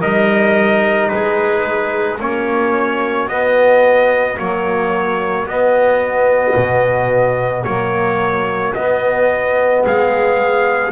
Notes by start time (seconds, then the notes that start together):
0.00 G3 D#4 A#4 D#5
1.09 G#3 G#4 B4
2.20 A#3 C#4 F#4 C#5
3.28 B3 D#5
4.38 F#3 A#3 C#5
5.46 B3 D#5
6.56 B2
7.64 F#3 A#3 C#5
8.75 B3 D#5
9.83 G#3 G#4 F5